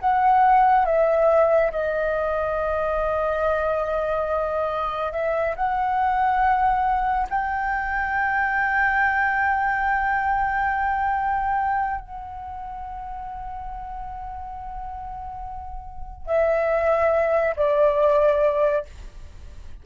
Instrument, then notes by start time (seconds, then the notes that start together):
flute
0.00 F#5
0.86 E5
1.71 D#5
5.13 E5
5.56 F#5
7.30 G5
12.01 F#5
16.27 E5
17.57 D5